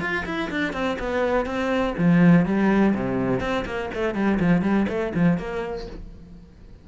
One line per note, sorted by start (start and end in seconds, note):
0.00 0.24 F4
0.25 0.50 E4
0.50 0.73 D4
0.73 0.97 C4
0.99 1.45 B3
1.45 1.94 C4
1.98 2.45 F3
2.45 2.94 G3
2.94 3.40 C3
3.40 3.65 C4
3.65 3.90 A#3
3.94 4.14 A3
4.14 4.39 G3
4.39 4.62 F3
4.62 4.86 G3
4.89 5.13 A3
5.14 5.38 F3
5.38 5.86 A#3